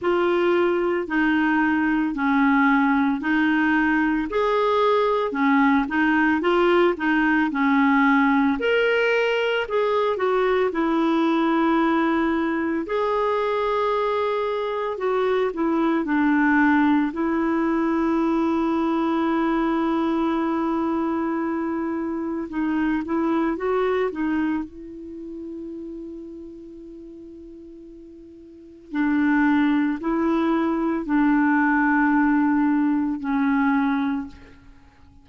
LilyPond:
\new Staff \with { instrumentName = "clarinet" } { \time 4/4 \tempo 4 = 56 f'4 dis'4 cis'4 dis'4 | gis'4 cis'8 dis'8 f'8 dis'8 cis'4 | ais'4 gis'8 fis'8 e'2 | gis'2 fis'8 e'8 d'4 |
e'1~ | e'4 dis'8 e'8 fis'8 dis'8 e'4~ | e'2. d'4 | e'4 d'2 cis'4 | }